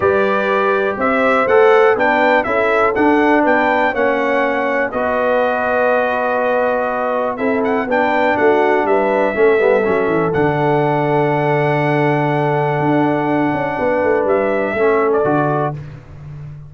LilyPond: <<
  \new Staff \with { instrumentName = "trumpet" } { \time 4/4 \tempo 4 = 122 d''2 e''4 fis''4 | g''4 e''4 fis''4 g''4 | fis''2 dis''2~ | dis''2. e''8 fis''8 |
g''4 fis''4 e''2~ | e''4 fis''2.~ | fis''1~ | fis''4 e''4.~ e''16 d''4~ d''16 | }
  \new Staff \with { instrumentName = "horn" } { \time 4/4 b'2 c''2 | b'4 a'2 b'4 | cis''2 b'2~ | b'2. a'4 |
b'4 fis'4 b'4 a'4~ | a'1~ | a'1 | b'2 a'2 | }
  \new Staff \with { instrumentName = "trombone" } { \time 4/4 g'2. a'4 | d'4 e'4 d'2 | cis'2 fis'2~ | fis'2. e'4 |
d'2. cis'8 b8 | cis'4 d'2.~ | d'1~ | d'2 cis'4 fis'4 | }
  \new Staff \with { instrumentName = "tuba" } { \time 4/4 g2 c'4 a4 | b4 cis'4 d'4 b4 | ais2 b2~ | b2. c'4 |
b4 a4 g4 a8 g8 | fis8 e8 d2.~ | d2 d'4. cis'8 | b8 a8 g4 a4 d4 | }
>>